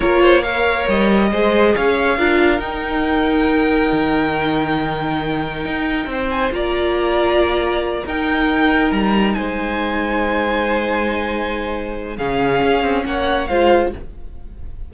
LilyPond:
<<
  \new Staff \with { instrumentName = "violin" } { \time 4/4 \tempo 4 = 138 cis''4 f''4 dis''2 | f''2 g''2~ | g''1~ | g''2~ g''8 gis''8 ais''4~ |
ais''2~ ais''8 g''4.~ | g''8 ais''4 gis''2~ gis''8~ | gis''1 | f''2 fis''4 f''4 | }
  \new Staff \with { instrumentName = "violin" } { \time 4/4 ais'8 c''8 cis''2 c''4 | cis''4 ais'2.~ | ais'1~ | ais'2 c''4 d''4~ |
d''2~ d''8 ais'4.~ | ais'4. c''2~ c''8~ | c''1 | gis'2 cis''4 c''4 | }
  \new Staff \with { instrumentName = "viola" } { \time 4/4 f'4 ais'2 gis'4~ | gis'4 f'4 dis'2~ | dis'1~ | dis'2. f'4~ |
f'2~ f'8 dis'4.~ | dis'1~ | dis'1 | cis'2. f'4 | }
  \new Staff \with { instrumentName = "cello" } { \time 4/4 ais2 g4 gis4 | cis'4 d'4 dis'2~ | dis'4 dis2.~ | dis4 dis'4 c'4 ais4~ |
ais2~ ais8 dis'4.~ | dis'8 g4 gis2~ gis8~ | gis1 | cis4 cis'8 c'8 ais4 gis4 | }
>>